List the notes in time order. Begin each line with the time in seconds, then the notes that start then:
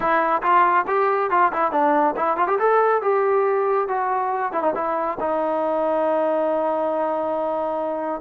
0.00 E4
0.42 F4
0.87 G4
1.30 F4
1.52 E4
1.71 D4
2.16 E4
2.36 F4
2.47 G4
2.59 A4
3.02 G4
3.88 F#4
4.52 E4
4.62 D#4
4.75 E4
5.20 D#4